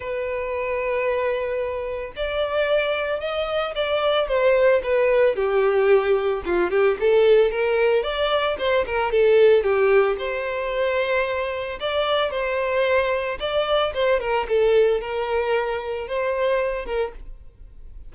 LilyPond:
\new Staff \with { instrumentName = "violin" } { \time 4/4 \tempo 4 = 112 b'1 | d''2 dis''4 d''4 | c''4 b'4 g'2 | f'8 g'8 a'4 ais'4 d''4 |
c''8 ais'8 a'4 g'4 c''4~ | c''2 d''4 c''4~ | c''4 d''4 c''8 ais'8 a'4 | ais'2 c''4. ais'8 | }